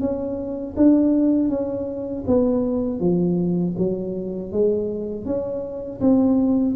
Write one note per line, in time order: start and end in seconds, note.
0.00 0.75 C#4
0.76 1.49 D4
1.49 2.24 C#4
2.27 3.00 B3
3.00 3.75 F3
3.78 4.52 F#3
4.52 5.25 G#3
5.25 6.00 C#4
6.00 6.75 C4